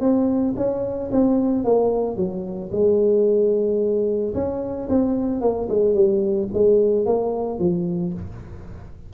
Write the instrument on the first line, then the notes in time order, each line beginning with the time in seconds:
tuba
0.00 C4
0.56 C#4
1.11 C4
1.64 A#3
2.16 F#3
2.71 G#3
4.34 C#4
4.89 C4
5.41 A#3
5.69 G#3
5.94 G3
6.53 G#3
7.05 A#3
7.59 F3